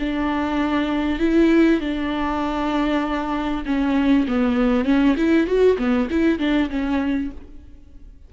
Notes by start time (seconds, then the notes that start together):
0.00 D4
1.20 E4
1.81 D4
3.66 C#4
4.28 B3
4.85 C#4
5.17 E4
5.47 F#4
5.78 B3
6.11 E4
6.39 D4
6.70 C#4